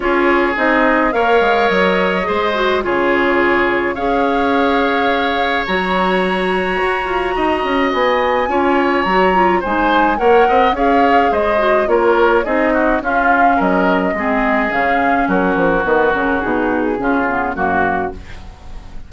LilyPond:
<<
  \new Staff \with { instrumentName = "flute" } { \time 4/4 \tempo 4 = 106 cis''4 dis''4 f''4 dis''4~ | dis''4 cis''2 f''4~ | f''2 ais''2~ | ais''2 gis''2 |
ais''4 gis''4 fis''4 f''4 | dis''4 cis''4 dis''4 f''4 | dis''2 f''4 ais'4 | b'8 ais'8 gis'2 fis'4 | }
  \new Staff \with { instrumentName = "oboe" } { \time 4/4 gis'2 cis''2 | c''4 gis'2 cis''4~ | cis''1~ | cis''4 dis''2 cis''4~ |
cis''4 c''4 cis''8 dis''8 cis''4 | c''4 ais'4 gis'8 fis'8 f'4 | ais'4 gis'2 fis'4~ | fis'2 f'4 fis'4 | }
  \new Staff \with { instrumentName = "clarinet" } { \time 4/4 f'4 dis'4 ais'2 | gis'8 fis'8 f'2 gis'4~ | gis'2 fis'2~ | fis'2. f'4 |
fis'8 f'8 dis'4 ais'4 gis'4~ | gis'8 fis'8 f'4 dis'4 cis'4~ | cis'4 c'4 cis'2 | b8 cis'8 dis'4 cis'8 b8 ais4 | }
  \new Staff \with { instrumentName = "bassoon" } { \time 4/4 cis'4 c'4 ais8 gis8 fis4 | gis4 cis2 cis'4~ | cis'2 fis2 | fis'8 f'8 dis'8 cis'8 b4 cis'4 |
fis4 gis4 ais8 c'8 cis'4 | gis4 ais4 c'4 cis'4 | fis4 gis4 cis4 fis8 f8 | dis8 cis8 b,4 cis4 fis,4 | }
>>